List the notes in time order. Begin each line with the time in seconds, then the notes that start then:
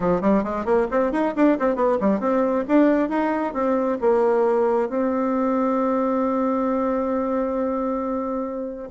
0.00 F3
0.21 G3
0.43 G#3
0.65 A#3
0.91 C4
1.12 D#4
1.36 D4
1.59 C4
1.75 B3
2.00 G3
2.20 C4
2.68 D4
3.09 D#4
3.53 C4
4.00 A#3
4.89 C4